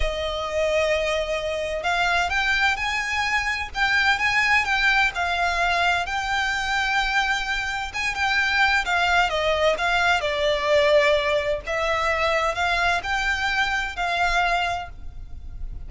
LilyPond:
\new Staff \with { instrumentName = "violin" } { \time 4/4 \tempo 4 = 129 dis''1 | f''4 g''4 gis''2 | g''4 gis''4 g''4 f''4~ | f''4 g''2.~ |
g''4 gis''8 g''4. f''4 | dis''4 f''4 d''2~ | d''4 e''2 f''4 | g''2 f''2 | }